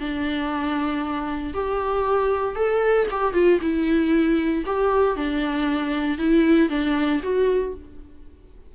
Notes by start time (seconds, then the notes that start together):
0.00 D4
1.54 G4
2.56 A4
3.11 G4
3.34 F4
3.61 E4
4.66 G4
5.16 D4
6.18 E4
6.70 D4
7.23 F#4